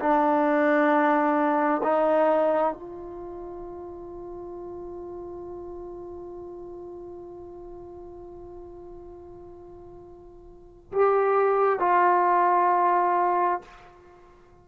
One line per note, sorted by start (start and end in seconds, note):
0.00 1.82 D4
1.83 2.74 D#4
2.74 10.92 F4
10.93 11.80 G4
11.80 13.62 F4